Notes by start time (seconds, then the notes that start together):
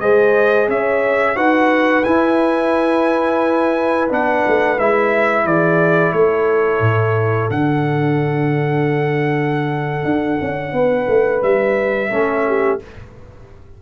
0.00 G#3 G#4 C5 D#5
0.68 C#4 C#5 E5
1.35 D#4 F#4 B4 F#5
2.04 E4 G#5
4.09 B3 D4 F#5
4.47 A3
4.79 G#3 E4 E5
5.44 E3 G#4 D5
6.13 A3 A4 C#5
6.80 A2
7.50 D3 D4 F#5
10.04 D4
10.41 C#4
10.72 B3 B4
11.08 A3
11.42 G3 E5
12.10 A3 C#4 A4
12.48 G4